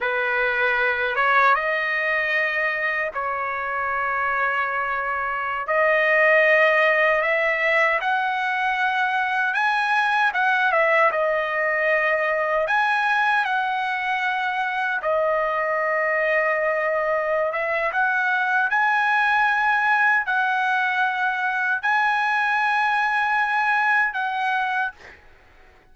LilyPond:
\new Staff \with { instrumentName = "trumpet" } { \time 4/4 \tempo 4 = 77 b'4. cis''8 dis''2 | cis''2.~ cis''16 dis''8.~ | dis''4~ dis''16 e''4 fis''4.~ fis''16~ | fis''16 gis''4 fis''8 e''8 dis''4.~ dis''16~ |
dis''16 gis''4 fis''2 dis''8.~ | dis''2~ dis''8 e''8 fis''4 | gis''2 fis''2 | gis''2. fis''4 | }